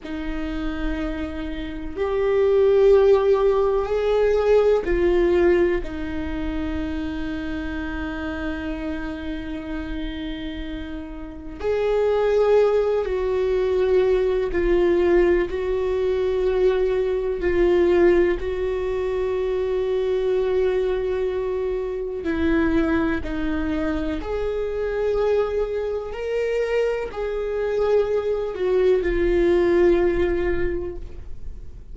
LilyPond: \new Staff \with { instrumentName = "viola" } { \time 4/4 \tempo 4 = 62 dis'2 g'2 | gis'4 f'4 dis'2~ | dis'1 | gis'4. fis'4. f'4 |
fis'2 f'4 fis'4~ | fis'2. e'4 | dis'4 gis'2 ais'4 | gis'4. fis'8 f'2 | }